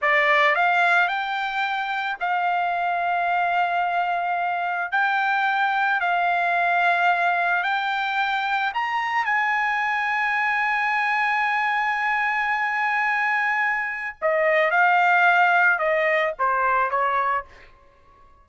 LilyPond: \new Staff \with { instrumentName = "trumpet" } { \time 4/4 \tempo 4 = 110 d''4 f''4 g''2 | f''1~ | f''4 g''2 f''4~ | f''2 g''2 |
ais''4 gis''2.~ | gis''1~ | gis''2 dis''4 f''4~ | f''4 dis''4 c''4 cis''4 | }